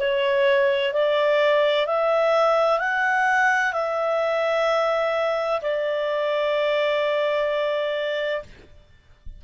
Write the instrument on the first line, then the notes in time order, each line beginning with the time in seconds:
clarinet
0.00 C#5
0.94 D5
1.87 E5
2.80 F#5
3.73 E5
5.62 D5